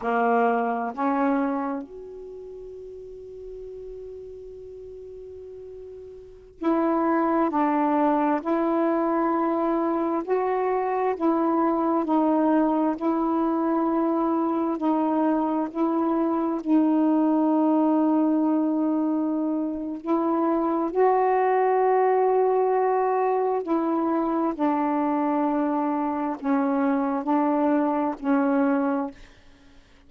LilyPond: \new Staff \with { instrumentName = "saxophone" } { \time 4/4 \tempo 4 = 66 ais4 cis'4 fis'2~ | fis'2.~ fis'16 e'8.~ | e'16 d'4 e'2 fis'8.~ | fis'16 e'4 dis'4 e'4.~ e'16~ |
e'16 dis'4 e'4 dis'4.~ dis'16~ | dis'2 e'4 fis'4~ | fis'2 e'4 d'4~ | d'4 cis'4 d'4 cis'4 | }